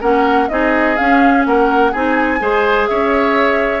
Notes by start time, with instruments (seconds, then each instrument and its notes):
0.00 bassoon A#3, clarinet C#4, oboe A#4, flute F#5
0.48 bassoon C4, clarinet D#4, oboe G#4, flute D#5
0.96 clarinet C#4, bassoon C#4, flute F5
1.45 bassoon A#3, oboe A#4, flute F#5
1.91 bassoon C4, clarinet D#4, oboe G#4, flute G#5
2.39 bassoon G#3, clarinet G#4, oboe C5
2.87 bassoon C#4, oboe C#5, flute E5